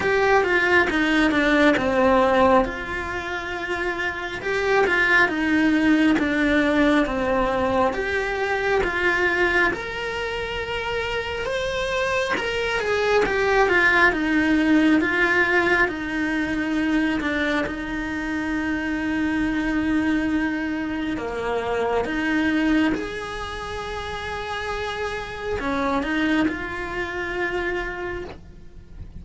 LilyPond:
\new Staff \with { instrumentName = "cello" } { \time 4/4 \tempo 4 = 68 g'8 f'8 dis'8 d'8 c'4 f'4~ | f'4 g'8 f'8 dis'4 d'4 | c'4 g'4 f'4 ais'4~ | ais'4 c''4 ais'8 gis'8 g'8 f'8 |
dis'4 f'4 dis'4. d'8 | dis'1 | ais4 dis'4 gis'2~ | gis'4 cis'8 dis'8 f'2 | }